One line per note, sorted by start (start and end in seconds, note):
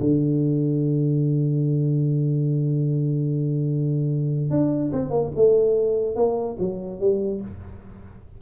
0.00 4.51 D3
4.51 4.92 D4
4.92 5.11 C4
5.11 5.31 A#3
5.36 6.16 A3
6.16 6.57 A#3
6.59 7.00 F#3
7.00 7.41 G3